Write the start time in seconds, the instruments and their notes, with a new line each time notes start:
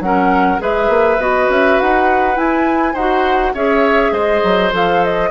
0.00 bassoon F#3, clarinet C#4, oboe A#4, flute F#5
0.58 bassoon G#3, clarinet G#4, oboe B4, flute E5
0.89 bassoon A#3
1.18 bassoon B3, clarinet F#4, flute D#5
1.49 bassoon C#4, flute E5
1.80 bassoon D#4, flute F#5
2.35 clarinet E4, bassoon E4, flute G#5
2.93 bassoon D#4, clarinet F#4, oboe C5, flute F#5
3.54 bassoon C#4, clarinet G#4, oboe C#5, flute E5
4.12 bassoon G#3, oboe C5, flute D#5
4.43 bassoon F#3
4.72 bassoon F3, clarinet A4, flute F5
5.04 flute D#5